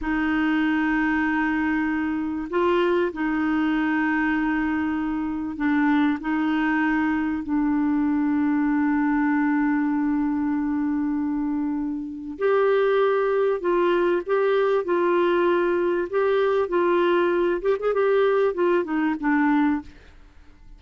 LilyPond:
\new Staff \with { instrumentName = "clarinet" } { \time 4/4 \tempo 4 = 97 dis'1 | f'4 dis'2.~ | dis'4 d'4 dis'2 | d'1~ |
d'1 | g'2 f'4 g'4 | f'2 g'4 f'4~ | f'8 g'16 gis'16 g'4 f'8 dis'8 d'4 | }